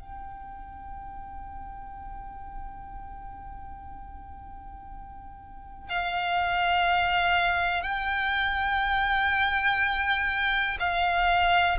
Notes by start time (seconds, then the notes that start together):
0.00 G5
5.90 F5
7.83 G5
10.80 F5